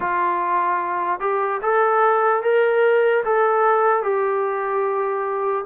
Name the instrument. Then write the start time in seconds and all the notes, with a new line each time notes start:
trombone
0.00 F4
1.20 G4
1.61 A4
2.42 A#4
3.24 A4
4.02 G4